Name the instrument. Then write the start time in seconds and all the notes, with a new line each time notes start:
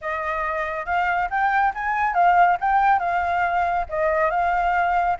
flute
0.01 D#5
0.85 F5
1.29 G5
1.74 G#5
2.14 F5
2.60 G5
2.99 F5
3.89 D#5
4.30 F5